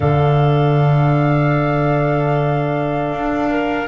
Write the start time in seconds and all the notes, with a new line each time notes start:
0.00 D3 D4 A4 F5
3.12 D4
3.50 A#4